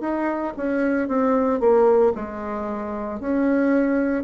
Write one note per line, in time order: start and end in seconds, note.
0.00 0.53 D#4
0.56 1.08 C#4
1.08 1.59 C4
1.59 2.12 A#3
2.15 3.20 G#3
3.20 4.23 C#4